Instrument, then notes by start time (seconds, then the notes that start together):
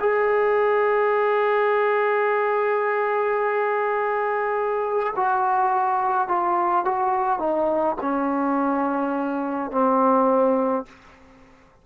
trombone
0.00 G#4
5.16 F#4
6.28 F4
6.85 F#4
7.39 D#4
8.01 C#4
9.71 C4